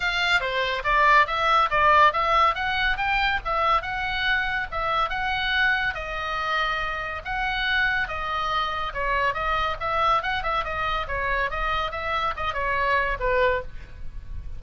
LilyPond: \new Staff \with { instrumentName = "oboe" } { \time 4/4 \tempo 4 = 141 f''4 c''4 d''4 e''4 | d''4 e''4 fis''4 g''4 | e''4 fis''2 e''4 | fis''2 dis''2~ |
dis''4 fis''2 dis''4~ | dis''4 cis''4 dis''4 e''4 | fis''8 e''8 dis''4 cis''4 dis''4 | e''4 dis''8 cis''4. b'4 | }